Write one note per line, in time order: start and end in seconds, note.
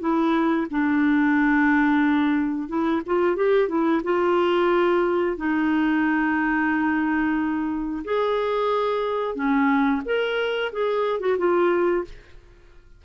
0.00 0.67 E4
0.70 2.68 D4
2.68 3.02 E4
3.06 3.36 F4
3.36 3.68 G4
3.68 4.02 E4
4.04 5.37 F4
5.37 8.04 D#4
8.04 9.35 G#4
9.35 10.02 C#4
10.05 10.72 A#4
10.72 11.20 G#4
11.20 11.37 F#4
11.38 12.05 F4